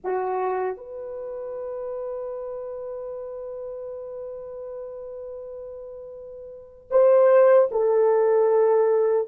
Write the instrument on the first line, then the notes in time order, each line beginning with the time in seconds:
horn
0.04 F#4
0.76 B4
6.90 C5
7.71 A4